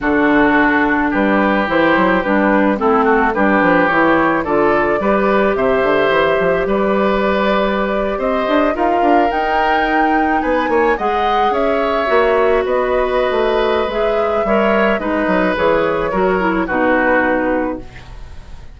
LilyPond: <<
  \new Staff \with { instrumentName = "flute" } { \time 4/4 \tempo 4 = 108 a'2 b'4 c''4 | b'4 a'4 b'4 cis''4 | d''2 e''2 | d''2~ d''8. dis''4 f''16~ |
f''8. g''2 gis''4 fis''16~ | fis''8. e''2 dis''4~ dis''16~ | dis''4 e''2 dis''4 | cis''2 b'2 | }
  \new Staff \with { instrumentName = "oboe" } { \time 4/4 fis'2 g'2~ | g'4 e'8 fis'8 g'2 | a'4 b'4 c''2 | b'2~ b'8. c''4 ais'16~ |
ais'2~ ais'8. b'8 cis''8 dis''16~ | dis''8. cis''2 b'4~ b'16~ | b'2 cis''4 b'4~ | b'4 ais'4 fis'2 | }
  \new Staff \with { instrumentName = "clarinet" } { \time 4/4 d'2. e'4 | d'4 c'4 d'4 e'4 | f'4 g'2.~ | g'2.~ g'8. f'16~ |
f'8. dis'2. gis'16~ | gis'4.~ gis'16 fis'2~ fis'16~ | fis'4 gis'4 ais'4 dis'4 | gis'4 fis'8 e'8 dis'2 | }
  \new Staff \with { instrumentName = "bassoon" } { \time 4/4 d2 g4 e8 fis8 | g4 a4 g8 f8 e4 | d4 g4 c8 d8 e8 f8 | g2~ g8. c'8 d'8 dis'16~ |
dis'16 d'8 dis'2 b8 ais8 gis16~ | gis8. cis'4 ais4 b4~ b16 | a4 gis4 g4 gis8 fis8 | e4 fis4 b,2 | }
>>